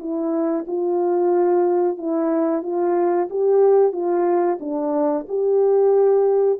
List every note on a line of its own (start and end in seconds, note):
0.00 0.66 E4
0.68 1.98 F4
1.98 2.63 E4
2.63 3.29 F4
3.31 3.93 G4
3.93 4.59 F4
4.60 5.26 D4
5.29 6.60 G4